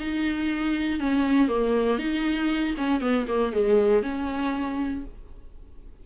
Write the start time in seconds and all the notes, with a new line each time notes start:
0.00 D#4
1.00 C#4
1.49 A#3
1.99 D#4
2.78 C#4
3.01 B3
3.28 A#3
3.53 G#3
4.03 C#4